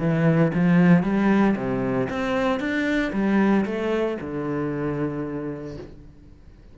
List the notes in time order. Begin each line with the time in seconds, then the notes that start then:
0.00 E3
0.54 F3
1.03 G3
1.57 C3
2.10 C4
2.60 D4
3.13 G3
3.66 A3
4.21 D3